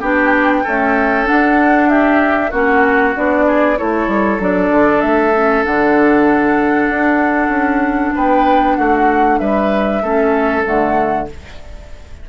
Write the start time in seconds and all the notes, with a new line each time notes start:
0.00 B3 D4 G4 G5
0.64 A3 C#4 A4
1.24 D4 F#5
1.89 G4 E5
2.51 A#3 C#4 F#4 F#5
3.15 B3 D4 D5
3.47 G#4
3.77 A3 E4 A4 C#5
4.07 G3
4.39 F#3 D4 D5
4.71 D3
5.01 A3 E5
5.35 C#4
5.64 D3 D4 F#5
6.89 D4
7.48 C#4
8.15 B3 B4 G5
8.76 A3 F#4 F#5
9.38 G3 B4 E5
10.02 A3 C#4 A4
10.64 D3 A3 F#5